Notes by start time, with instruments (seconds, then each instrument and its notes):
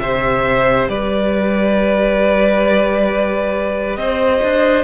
0.00 cello C3, viola G4, violin C5 E5
0.89 cello G3, violin B4 D5
3.97 cello C4, violin C5 D#5
4.43 cello D4